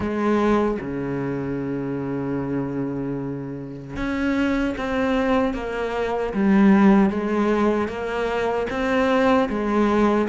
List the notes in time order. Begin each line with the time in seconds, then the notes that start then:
0.00 G#3
0.80 C#3
3.96 C#4
4.77 C4
5.54 A#3
6.33 G3
7.10 G#3
7.87 A#3
8.69 C4
9.49 G#3